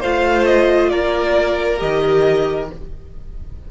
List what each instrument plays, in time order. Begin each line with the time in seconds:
0.00 cello A3, viola F4, violin C5 F5
0.45 violin D#5
0.89 cello A#3, violin A#4 D5
1.78 cello D#3, viola G4, violin D#5